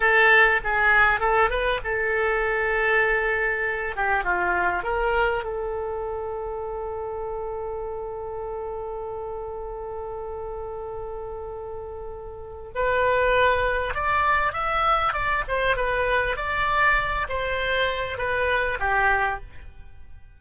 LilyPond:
\new Staff \with { instrumentName = "oboe" } { \time 4/4 \tempo 4 = 99 a'4 gis'4 a'8 b'8 a'4~ | a'2~ a'8 g'8 f'4 | ais'4 a'2.~ | a'1~ |
a'1~ | a'4 b'2 d''4 | e''4 d''8 c''8 b'4 d''4~ | d''8 c''4. b'4 g'4 | }